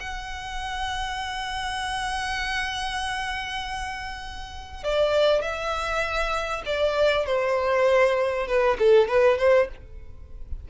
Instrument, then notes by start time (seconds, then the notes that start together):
violin
0.00 F#5
4.84 D5
5.42 E5
6.66 D5
7.26 C5
8.47 B4
8.79 A4
9.09 B4
9.38 C5